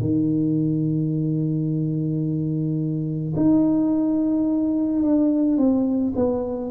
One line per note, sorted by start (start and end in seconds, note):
0.00 3.33 D#3
3.36 5.02 D#4
5.02 5.57 D4
5.57 6.13 C4
6.15 6.71 B3